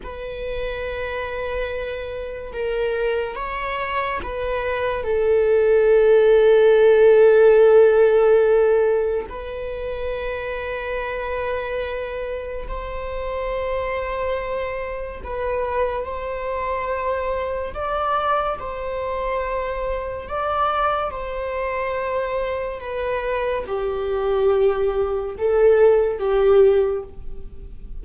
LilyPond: \new Staff \with { instrumentName = "viola" } { \time 4/4 \tempo 4 = 71 b'2. ais'4 | cis''4 b'4 a'2~ | a'2. b'4~ | b'2. c''4~ |
c''2 b'4 c''4~ | c''4 d''4 c''2 | d''4 c''2 b'4 | g'2 a'4 g'4 | }